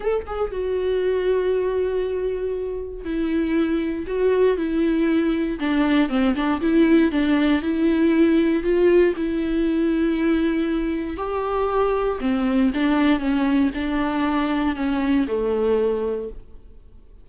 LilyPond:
\new Staff \with { instrumentName = "viola" } { \time 4/4 \tempo 4 = 118 a'8 gis'8 fis'2.~ | fis'2 e'2 | fis'4 e'2 d'4 | c'8 d'8 e'4 d'4 e'4~ |
e'4 f'4 e'2~ | e'2 g'2 | c'4 d'4 cis'4 d'4~ | d'4 cis'4 a2 | }